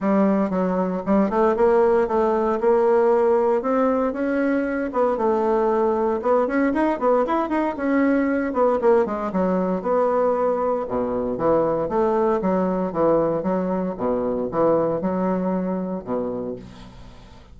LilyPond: \new Staff \with { instrumentName = "bassoon" } { \time 4/4 \tempo 4 = 116 g4 fis4 g8 a8 ais4 | a4 ais2 c'4 | cis'4. b8 a2 | b8 cis'8 dis'8 b8 e'8 dis'8 cis'4~ |
cis'8 b8 ais8 gis8 fis4 b4~ | b4 b,4 e4 a4 | fis4 e4 fis4 b,4 | e4 fis2 b,4 | }